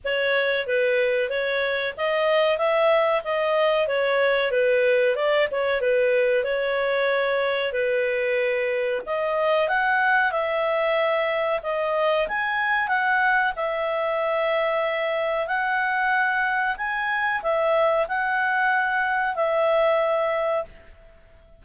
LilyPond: \new Staff \with { instrumentName = "clarinet" } { \time 4/4 \tempo 4 = 93 cis''4 b'4 cis''4 dis''4 | e''4 dis''4 cis''4 b'4 | d''8 cis''8 b'4 cis''2 | b'2 dis''4 fis''4 |
e''2 dis''4 gis''4 | fis''4 e''2. | fis''2 gis''4 e''4 | fis''2 e''2 | }